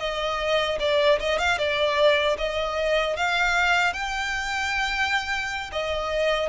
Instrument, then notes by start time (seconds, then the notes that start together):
violin
0.00 D#5
0.80 D5
1.20 D#5
1.39 F5
1.58 D5
2.38 D#5
3.17 F5
3.93 G5
5.72 D#5